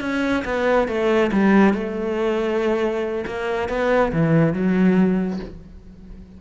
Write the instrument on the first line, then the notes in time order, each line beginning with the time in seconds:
cello
0.00 C#4
0.44 B3
0.88 A3
1.32 G3
1.73 A3
3.26 A#3
3.68 B3
4.12 E3
4.53 F#3